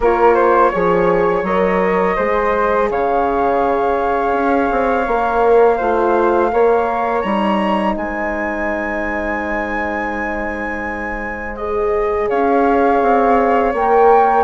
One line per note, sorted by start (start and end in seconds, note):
0.00 0.70 A#3
0.00 0.72 F4
0.00 0.34 A#4
0.00 1.45 C#5
0.34 0.70 C5
0.71 1.42 F3
0.71 1.45 G#4
0.71 2.16 C#5
1.42 2.15 F#3
1.42 2.17 A#4
1.42 2.90 D#5
2.16 2.89 G#3
2.16 5.06 G#4
2.16 2.88 C5
2.89 4.33 C#3
2.89 5.77 C#5
2.89 7.21 F5
4.33 4.69 C#4
4.71 5.07 C4
5.06 5.79 A#3
5.06 5.79 A#4
5.77 6.52 A3
5.77 6.51 F4
5.77 6.49 C5
6.52 7.24 A#3
6.52 7.23 A#4
6.52 7.95 C#5
7.21 7.96 G3
7.21 11.57 D#4
7.21 7.93 A#5
7.95 12.29 G#3
7.95 12.28 C5
7.95 11.56 G#5
11.56 13.74 G#4
11.56 12.28 D#5
12.28 13.01 C#4
12.28 14.43 C#5
12.28 13.73 F5
13.01 13.73 C4
13.73 14.43 A#3
13.73 14.43 A#4
13.73 14.43 G5